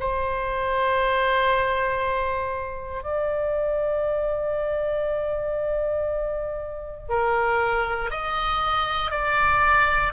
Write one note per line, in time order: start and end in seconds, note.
0.00 3.04 C5
3.04 7.09 D5
7.09 8.11 A#4
8.11 9.12 D#5
9.12 10.13 D5